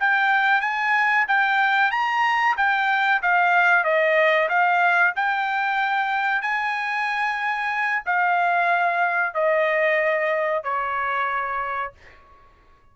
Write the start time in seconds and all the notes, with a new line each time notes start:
0.00 G5
0.61 G#5
1.28 G5
1.91 A#5
2.57 G5
3.23 F5
3.84 D#5
4.49 F5
5.16 G5
6.42 G#5
8.06 F5
9.34 D#5
10.64 C#5